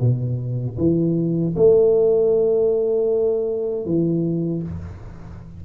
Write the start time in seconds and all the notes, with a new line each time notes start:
0.00 B2
0.78 E3
1.56 A3
3.86 E3